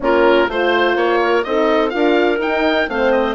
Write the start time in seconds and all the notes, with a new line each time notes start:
0.00 A#3 C#4 F4 A#4
0.48 A3 F4 C5
0.95 A#3 C#5
1.22 A#4
1.43 C4 D#4 A4 D#5
1.89 D4 F4 A#4 F5
2.38 D#4 G5
2.88 A3 C4 C5 F5
3.11 D#5